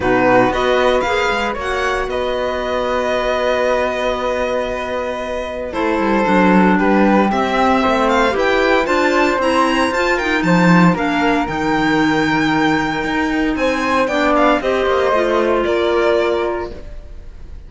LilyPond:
<<
  \new Staff \with { instrumentName = "violin" } { \time 4/4 \tempo 4 = 115 b'4 dis''4 f''4 fis''4 | dis''1~ | dis''2. c''4~ | c''4 b'4 e''4. f''8 |
g''4 a''4 ais''4 a''8 g''8 | a''4 f''4 g''2~ | g''2 gis''4 g''8 f''8 | dis''2 d''2 | }
  \new Staff \with { instrumentName = "flute" } { \time 4/4 fis'4 b'2 cis''4 | b'1~ | b'2. a'4~ | a'4 g'2 c''4 |
b'4 c''2~ c''8 ais'8 | c''4 ais'2.~ | ais'2 c''4 d''4 | c''2 ais'2 | }
  \new Staff \with { instrumentName = "clarinet" } { \time 4/4 dis'4 fis'4 gis'4 fis'4~ | fis'1~ | fis'2. e'4 | d'2 c'2 |
g'4 f'4 e'4 f'8 dis'8~ | dis'4 d'4 dis'2~ | dis'2. d'4 | g'4 f'2. | }
  \new Staff \with { instrumentName = "cello" } { \time 4/4 b,4 b4 ais8 gis8 ais4 | b1~ | b2. a8 g8 | fis4 g4 c'4 a4 |
e'4 d'4 c'4 f'4 | f4 ais4 dis2~ | dis4 dis'4 c'4 b4 | c'8 ais8 a4 ais2 | }
>>